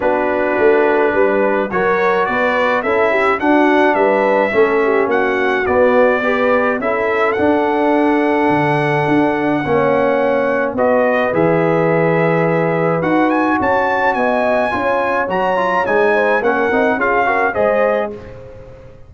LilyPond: <<
  \new Staff \with { instrumentName = "trumpet" } { \time 4/4 \tempo 4 = 106 b'2. cis''4 | d''4 e''4 fis''4 e''4~ | e''4 fis''4 d''2 | e''4 fis''2.~ |
fis''2. dis''4 | e''2. fis''8 gis''8 | a''4 gis''2 ais''4 | gis''4 fis''4 f''4 dis''4 | }
  \new Staff \with { instrumentName = "horn" } { \time 4/4 fis'2 b'4 ais'4 | b'4 a'8 g'8 fis'4 b'4 | a'8 g'8 fis'2 b'4 | a'1~ |
a'4 cis''2 b'4~ | b'1 | cis''4 dis''4 cis''2~ | cis''8 c''8 ais'4 gis'8 ais'8 c''4 | }
  \new Staff \with { instrumentName = "trombone" } { \time 4/4 d'2. fis'4~ | fis'4 e'4 d'2 | cis'2 b4 g'4 | e'4 d'2.~ |
d'4 cis'2 fis'4 | gis'2. fis'4~ | fis'2 f'4 fis'8 f'8 | dis'4 cis'8 dis'8 f'8 fis'8 gis'4 | }
  \new Staff \with { instrumentName = "tuba" } { \time 4/4 b4 a4 g4 fis4 | b4 cis'4 d'4 g4 | a4 ais4 b2 | cis'4 d'2 d4 |
d'4 ais2 b4 | e2. dis'4 | cis'4 b4 cis'4 fis4 | gis4 ais8 c'8 cis'4 gis4 | }
>>